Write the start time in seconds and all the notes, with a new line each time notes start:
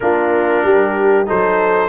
0.00 A#3 D4 F4 A#4
0.63 G3 G4
1.26 F#3 D#4 A4 C5